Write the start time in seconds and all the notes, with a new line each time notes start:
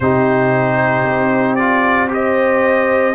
0.00 C3 D#4 G4 C5
1.04 C4
1.55 F4 D5
2.08 G4 C5 D#5